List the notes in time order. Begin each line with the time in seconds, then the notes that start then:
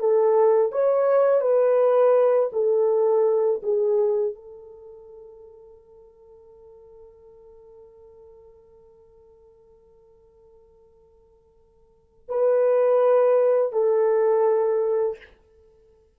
0.00 A4
0.72 C#5
1.41 B4
2.53 A4
3.63 G#4
4.35 A4
12.29 B4
13.73 A4